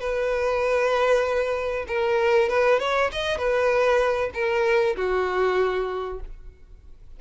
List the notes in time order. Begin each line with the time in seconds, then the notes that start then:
0.00 B4
1.87 A#4
2.49 B4
2.79 C#5
3.12 D#5
3.38 B4
4.34 A#4
4.96 F#4